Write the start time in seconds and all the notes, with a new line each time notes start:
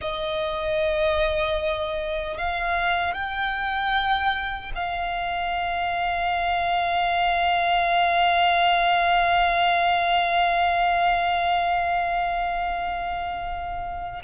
0.01 D#5
2.37 F5
3.14 G5
4.74 F5